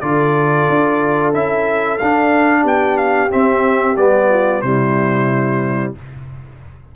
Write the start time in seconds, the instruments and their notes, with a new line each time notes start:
0.00 tuba D3, trombone F4, horn A4, trumpet D5
0.69 tuba D4
1.34 tuba C#4, trombone E4, trumpet E5
1.98 tuba D4, trombone D4, trumpet F5
2.61 tuba B3, horn G4, trumpet G5
2.97 trumpet F5
3.30 trombone C4, tuba C4, trumpet E5
3.97 tuba G3, trombone B3, trumpet D5
4.29 horn F4
4.61 tuba C3, trombone G3, horn E4, trumpet C5